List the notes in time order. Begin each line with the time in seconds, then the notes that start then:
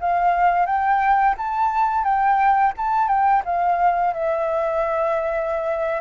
0.00 F5
0.66 G5
1.37 A5
2.03 G5
2.77 A5
3.08 G5
3.44 F5
4.13 E5